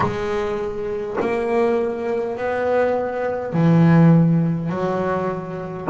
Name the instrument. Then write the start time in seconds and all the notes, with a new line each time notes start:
double bass
0.00 G#3
1.20 A#3
2.37 B3
3.52 E3
4.70 F#3